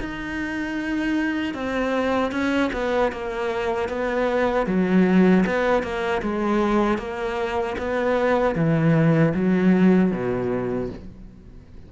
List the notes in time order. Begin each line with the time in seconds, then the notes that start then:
0.00 D#4
1.54 C4
2.31 C#4
2.73 B3
3.12 A#3
3.89 B3
4.66 F#3
5.46 B3
5.83 A#3
6.22 G#3
6.98 A#3
7.78 B3
8.55 E3
9.34 F#3
10.12 B2